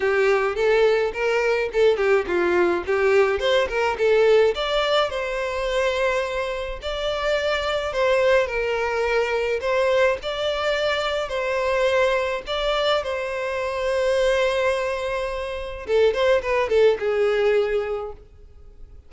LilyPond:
\new Staff \with { instrumentName = "violin" } { \time 4/4 \tempo 4 = 106 g'4 a'4 ais'4 a'8 g'8 | f'4 g'4 c''8 ais'8 a'4 | d''4 c''2. | d''2 c''4 ais'4~ |
ais'4 c''4 d''2 | c''2 d''4 c''4~ | c''1 | a'8 c''8 b'8 a'8 gis'2 | }